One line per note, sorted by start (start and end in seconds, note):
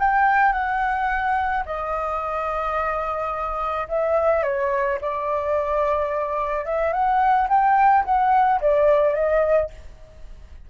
0.00 0.53 G5
0.53 1.64 F#5
1.66 3.88 D#5
3.89 4.43 E5
4.43 4.99 C#5
5.02 6.65 D5
6.65 6.93 E5
6.93 7.48 F#5
7.49 8.05 G5
8.05 8.61 F#5
8.61 9.15 D5
9.15 9.70 D#5